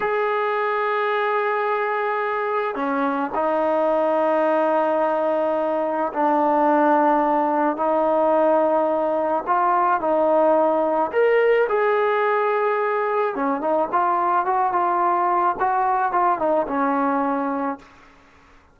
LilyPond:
\new Staff \with { instrumentName = "trombone" } { \time 4/4 \tempo 4 = 108 gis'1~ | gis'4 cis'4 dis'2~ | dis'2. d'4~ | d'2 dis'2~ |
dis'4 f'4 dis'2 | ais'4 gis'2. | cis'8 dis'8 f'4 fis'8 f'4. | fis'4 f'8 dis'8 cis'2 | }